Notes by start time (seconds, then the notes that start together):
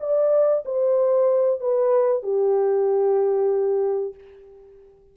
0.00 D5
0.65 C5
1.60 B4
2.23 G4